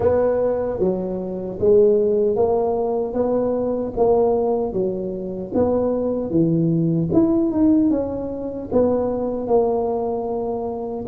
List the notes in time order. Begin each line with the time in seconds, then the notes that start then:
0.00 B3
0.79 F#3
1.59 G#3
2.36 A#3
3.13 B3
3.97 A#3
4.73 F#3
5.54 B3
6.30 E3
7.13 E4
7.51 D#4
7.90 C#4
8.72 B3
9.47 A#3